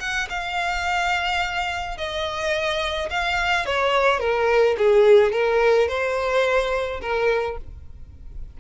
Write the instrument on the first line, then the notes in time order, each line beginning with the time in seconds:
violin
0.00 F#5
0.30 F5
1.97 D#5
3.10 F5
3.66 C#5
4.20 A#4
4.78 G#4
5.32 A#4
5.88 C5
7.01 A#4